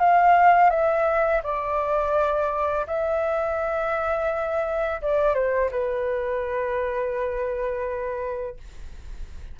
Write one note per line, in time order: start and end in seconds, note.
0.00 0.70 F5
0.70 1.42 E5
1.44 2.86 D5
2.87 5.01 E5
5.02 5.35 D5
5.35 5.70 C5
5.71 8.57 B4